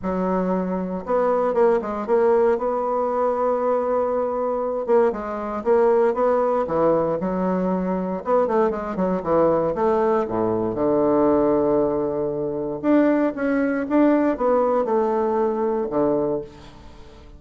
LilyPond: \new Staff \with { instrumentName = "bassoon" } { \time 4/4 \tempo 4 = 117 fis2 b4 ais8 gis8 | ais4 b2.~ | b4. ais8 gis4 ais4 | b4 e4 fis2 |
b8 a8 gis8 fis8 e4 a4 | a,4 d2.~ | d4 d'4 cis'4 d'4 | b4 a2 d4 | }